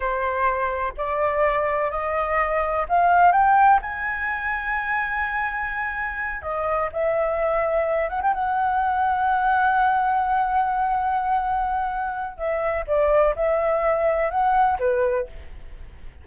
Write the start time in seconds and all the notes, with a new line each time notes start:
0.00 C5
0.97 D5
1.90 D#5
2.89 F5
3.32 G5
3.82 G#5
6.42 D#5
6.92 E5
8.09 F#5
8.22 G5
8.33 F#5
12.37 E5
12.87 D5
13.35 E5
14.30 F#5
14.79 B4